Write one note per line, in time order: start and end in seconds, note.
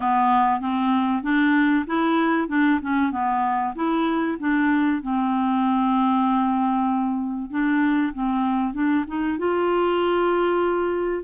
0.00 0.60 B3
0.60 1.22 C4
1.22 1.85 D4
1.86 2.48 E4
2.48 2.80 D4
2.81 3.11 C#4
3.11 3.74 B3
3.75 4.37 E4
4.39 5.02 D4
5.02 7.50 C4
7.50 8.12 D4
8.13 8.73 C4
8.73 9.05 D4
9.07 9.38 D#4
9.38 11.23 F4